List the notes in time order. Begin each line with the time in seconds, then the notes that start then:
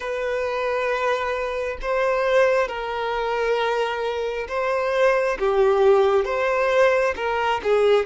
0.00 B4
1.81 C5
2.68 A#4
4.48 C5
5.39 G4
6.24 C5
7.16 A#4
7.63 G#4